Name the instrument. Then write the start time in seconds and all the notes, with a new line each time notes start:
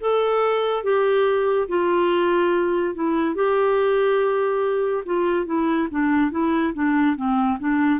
clarinet
0.00 A4
0.83 G4
1.68 F4
2.95 E4
3.35 G4
5.05 F4
5.46 E4
5.90 D4
6.31 E4
6.74 D4
7.16 C4
7.59 D4